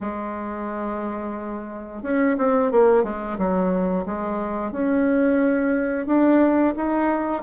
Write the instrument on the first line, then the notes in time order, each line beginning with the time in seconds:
bassoon
0.00 G#3
2.02 C#4
2.37 C4
2.71 A#3
3.03 G#3
3.37 F#3
4.05 G#3
4.71 C#4
6.06 D4
6.76 D#4